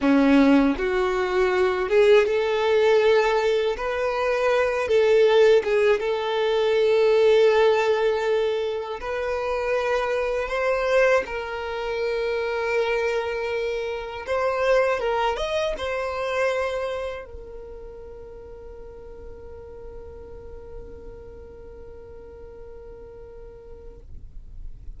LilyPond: \new Staff \with { instrumentName = "violin" } { \time 4/4 \tempo 4 = 80 cis'4 fis'4. gis'8 a'4~ | a'4 b'4. a'4 gis'8 | a'1 | b'2 c''4 ais'4~ |
ais'2. c''4 | ais'8 dis''8 c''2 ais'4~ | ais'1~ | ais'1 | }